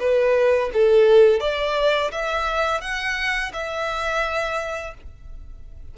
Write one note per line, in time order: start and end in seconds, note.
0.00 0.71 B4
0.73 1.41 A4
1.41 2.11 D5
2.12 2.81 E5
2.81 3.52 F#5
3.53 4.94 E5